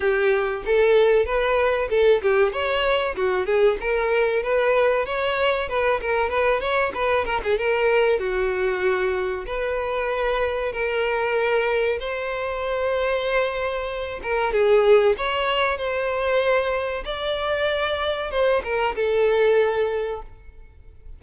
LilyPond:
\new Staff \with { instrumentName = "violin" } { \time 4/4 \tempo 4 = 95 g'4 a'4 b'4 a'8 g'8 | cis''4 fis'8 gis'8 ais'4 b'4 | cis''4 b'8 ais'8 b'8 cis''8 b'8 ais'16 gis'16 | ais'4 fis'2 b'4~ |
b'4 ais'2 c''4~ | c''2~ c''8 ais'8 gis'4 | cis''4 c''2 d''4~ | d''4 c''8 ais'8 a'2 | }